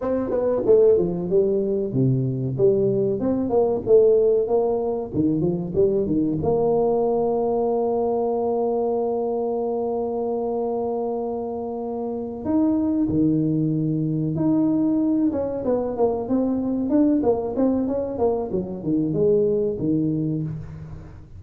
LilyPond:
\new Staff \with { instrumentName = "tuba" } { \time 4/4 \tempo 4 = 94 c'8 b8 a8 f8 g4 c4 | g4 c'8 ais8 a4 ais4 | dis8 f8 g8 dis8 ais2~ | ais1~ |
ais2.~ ais8 dis'8~ | dis'8 dis2 dis'4. | cis'8 b8 ais8 c'4 d'8 ais8 c'8 | cis'8 ais8 fis8 dis8 gis4 dis4 | }